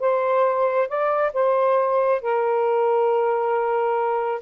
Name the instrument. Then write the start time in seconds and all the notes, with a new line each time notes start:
saxophone
0.00 C5
0.88 D5
1.34 C5
2.22 A#4